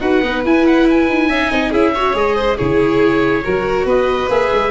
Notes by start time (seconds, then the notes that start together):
0.00 D#4 F#4 B4 F#5
0.22 B3 D#4
0.44 E4 G#5
0.66 F#5
0.90 G#5
1.08 D#4
1.28 C#4 D#4 E5
1.50 C4 D#5
1.70 C#4 E4 G#4 E5
1.94 F#4 C#5
2.14 G#3 G#4 D#5
2.36 C5
2.57 C#3 E4 G#4 C#5
3.44 F#3 F#4 A#4
3.85 B3 B4 D#5
4.28 A#3 G#4 E5
4.53 G#3